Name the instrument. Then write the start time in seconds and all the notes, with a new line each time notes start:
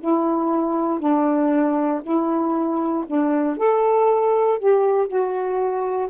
saxophone
0.00 E4
0.99 D4
2.03 E4
3.07 D4
3.57 A4
4.59 G4
5.08 F#4